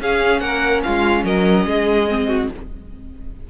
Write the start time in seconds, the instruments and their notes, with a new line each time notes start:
0.00 cello C#4, viola C#4, violin G#4 F5
0.39 cello A#3, violin A#4 F#5
0.83 cello G#3, violin F4 F5
1.24 cello F#3, violin A#4 D#5
1.64 cello G#3, violin G#4
2.08 viola C4
2.27 violin F#4